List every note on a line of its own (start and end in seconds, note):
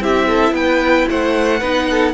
0.00 0.51 C4
0.00 1.60 E4
0.00 0.27 G4
0.00 0.54 E5
0.27 0.53 A4
0.51 1.04 B3
0.51 1.09 B4
0.51 1.07 G5
1.10 1.61 A3
1.10 1.59 C5
1.10 2.13 F#5
1.59 2.13 B3
1.59 2.13 D#4
1.59 1.86 B4
1.90 2.13 A4